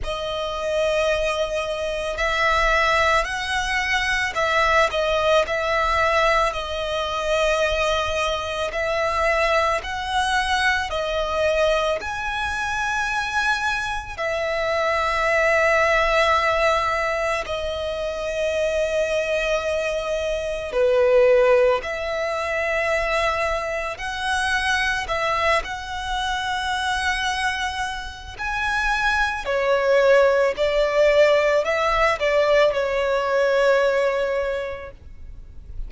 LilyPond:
\new Staff \with { instrumentName = "violin" } { \time 4/4 \tempo 4 = 55 dis''2 e''4 fis''4 | e''8 dis''8 e''4 dis''2 | e''4 fis''4 dis''4 gis''4~ | gis''4 e''2. |
dis''2. b'4 | e''2 fis''4 e''8 fis''8~ | fis''2 gis''4 cis''4 | d''4 e''8 d''8 cis''2 | }